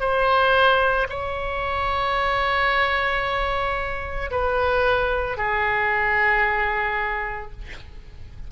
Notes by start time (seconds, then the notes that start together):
0.00 C5
1.09 C#5
4.31 B4
5.37 G#4